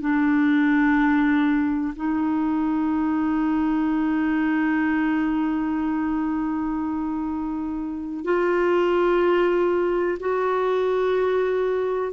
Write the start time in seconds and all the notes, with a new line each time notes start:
0.00 D4
1.95 D#4
8.24 F4
10.19 F#4